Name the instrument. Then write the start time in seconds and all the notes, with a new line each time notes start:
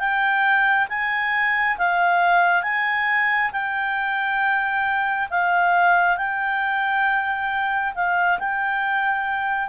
clarinet
0.00 G5
0.89 G#5
1.78 F5
2.63 G#5
3.53 G5
5.31 F5
6.18 G5
7.95 F5
8.39 G5